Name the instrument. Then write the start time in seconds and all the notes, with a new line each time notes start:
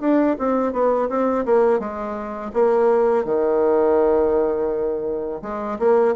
bassoon
0.00 D4
0.38 C4
0.72 B3
1.09 C4
1.45 A#3
1.79 G#3
2.53 A#3
3.24 D#3
5.42 G#3
5.79 A#3